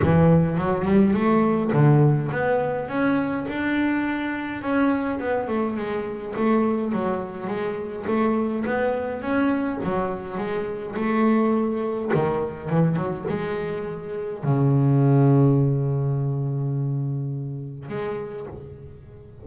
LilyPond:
\new Staff \with { instrumentName = "double bass" } { \time 4/4 \tempo 4 = 104 e4 fis8 g8 a4 d4 | b4 cis'4 d'2 | cis'4 b8 a8 gis4 a4 | fis4 gis4 a4 b4 |
cis'4 fis4 gis4 a4~ | a4 dis4 e8 fis8 gis4~ | gis4 cis2.~ | cis2. gis4 | }